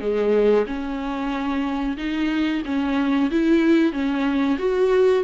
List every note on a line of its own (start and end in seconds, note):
0.00 0.65 G#3
0.66 1.96 C#4
1.97 2.62 D#4
2.65 3.30 C#4
3.30 3.92 E4
3.92 4.57 C#4
4.58 5.23 F#4